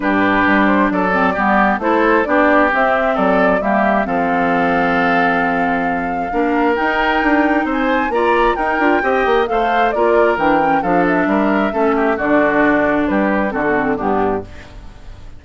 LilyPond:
<<
  \new Staff \with { instrumentName = "flute" } { \time 4/4 \tempo 4 = 133 b'4. c''8 d''2 | c''4 d''4 e''4 d''4 | e''4 f''2.~ | f''2. g''4~ |
g''4 gis''4 ais''4 g''4~ | g''4 f''4 d''4 g''4 | f''8 e''2~ e''8 d''4~ | d''4 b'4 a'4 g'4 | }
  \new Staff \with { instrumentName = "oboe" } { \time 4/4 g'2 a'4 g'4 | a'4 g'2 a'4 | g'4 a'2.~ | a'2 ais'2~ |
ais'4 c''4 d''4 ais'4 | dis''4 c''4 ais'2 | a'4 ais'4 a'8 g'8 fis'4~ | fis'4 g'4 fis'4 d'4 | }
  \new Staff \with { instrumentName = "clarinet" } { \time 4/4 d'2~ d'8 c'8 b4 | e'4 d'4 c'2 | ais4 c'2.~ | c'2 d'4 dis'4~ |
dis'2 f'4 dis'8 f'8 | g'4 a'4 f'4 d'8 cis'8 | d'2 cis'4 d'4~ | d'2 c'16 b16 c'8 b4 | }
  \new Staff \with { instrumentName = "bassoon" } { \time 4/4 g,4 g4 fis4 g4 | a4 b4 c'4 fis4 | g4 f2.~ | f2 ais4 dis'4 |
d'4 c'4 ais4 dis'8 d'8 | c'8 ais8 a4 ais4 e4 | f4 g4 a4 d4~ | d4 g4 d4 g,4 | }
>>